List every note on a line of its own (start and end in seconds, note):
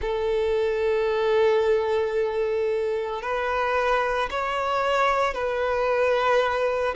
0.00 3.21 A4
3.21 4.29 B4
4.30 5.34 C#5
5.34 6.94 B4